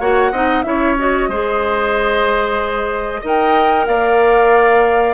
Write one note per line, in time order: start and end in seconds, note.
0.00 0.32 A#3
0.00 0.32 F#4
0.00 0.32 C#5
0.00 0.62 F#5
0.32 0.64 C4
0.32 0.64 D#4
0.32 0.64 D#5
0.62 1.28 C#4
0.62 0.97 E4
0.62 1.29 C#5
0.62 0.95 E5
0.99 1.31 F#4
0.99 3.24 D#5
1.28 3.22 G#3
1.28 3.23 G#4
1.28 3.21 C5
3.21 3.88 D#4
3.21 5.14 A#4
3.21 3.85 D#5
3.27 3.87 G5
3.87 5.14 A#3
3.87 5.14 D5
3.87 5.14 F5